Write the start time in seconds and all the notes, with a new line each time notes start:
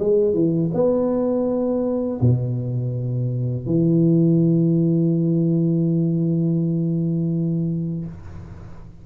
0.00 G#3
0.34 E3
0.74 B3
2.21 B2
3.67 E3